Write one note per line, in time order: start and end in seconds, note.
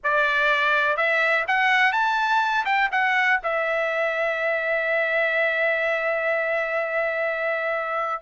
0.03 0.97 D5
0.97 1.45 E5
1.47 1.92 F#5
1.92 2.64 A5
2.65 2.89 G5
2.91 3.40 F#5
3.43 8.22 E5